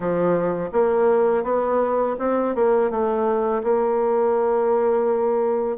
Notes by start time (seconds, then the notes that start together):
0.00 F3
0.72 A#3
1.43 B3
2.19 C4
2.55 A#3
2.90 A3
3.63 A#3